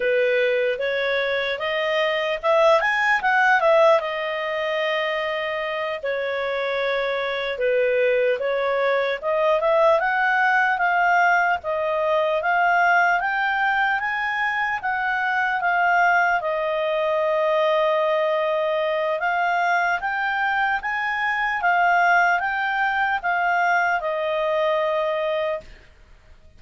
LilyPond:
\new Staff \with { instrumentName = "clarinet" } { \time 4/4 \tempo 4 = 75 b'4 cis''4 dis''4 e''8 gis''8 | fis''8 e''8 dis''2~ dis''8 cis''8~ | cis''4. b'4 cis''4 dis''8 | e''8 fis''4 f''4 dis''4 f''8~ |
f''8 g''4 gis''4 fis''4 f''8~ | f''8 dis''2.~ dis''8 | f''4 g''4 gis''4 f''4 | g''4 f''4 dis''2 | }